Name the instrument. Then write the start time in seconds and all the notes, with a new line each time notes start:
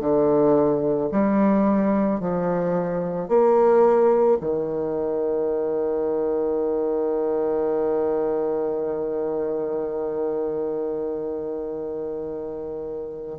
bassoon
0.00 D3
1.12 G3
2.21 F3
3.29 A#3
4.41 D#3